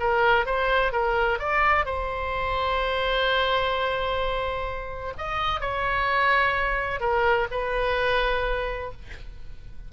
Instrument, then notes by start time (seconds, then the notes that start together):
oboe
0.00 A#4
0.46 C5
0.92 A#4
1.39 D5
1.86 C5
5.18 D#5
5.61 C#5
7.01 A#4
7.51 B4